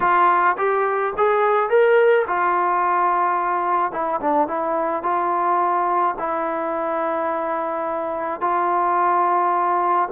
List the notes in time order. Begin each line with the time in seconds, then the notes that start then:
0.00 F4
0.57 G4
1.17 G#4
1.69 A#4
2.27 F4
3.92 E4
4.21 D4
4.47 E4
5.02 F4
6.18 E4
8.40 F4